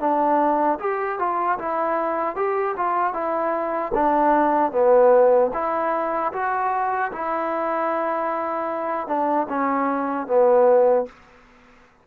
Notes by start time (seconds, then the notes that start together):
0.00 D4
0.80 G4
1.19 F4
1.59 E4
2.36 G4
2.77 F4
3.14 E4
3.94 D4
4.72 B3
5.54 E4
6.33 F#4
7.12 E4
9.08 D4
9.49 C#4
10.27 B3